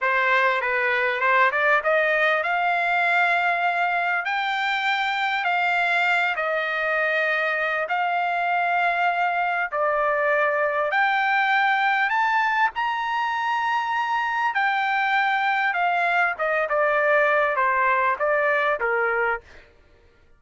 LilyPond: \new Staff \with { instrumentName = "trumpet" } { \time 4/4 \tempo 4 = 99 c''4 b'4 c''8 d''8 dis''4 | f''2. g''4~ | g''4 f''4. dis''4.~ | dis''4 f''2. |
d''2 g''2 | a''4 ais''2. | g''2 f''4 dis''8 d''8~ | d''4 c''4 d''4 ais'4 | }